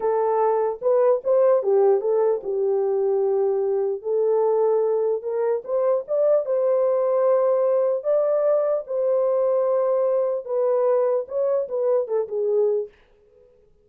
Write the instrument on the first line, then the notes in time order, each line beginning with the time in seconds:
horn
0.00 A4
0.81 B4
1.24 C5
1.62 G4
2.00 A4
2.43 G4
4.02 A4
5.22 A#4
5.64 C5
6.07 D5
6.45 C5
8.03 D5
8.86 C5
10.45 B4
11.28 C#5
11.68 B4
12.07 A4
12.27 G#4